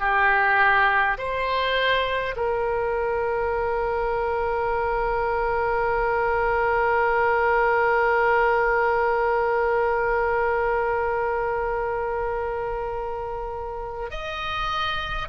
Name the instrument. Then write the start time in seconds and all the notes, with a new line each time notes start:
oboe
0.00 G4
1.18 C5
2.36 A#4
14.11 D#5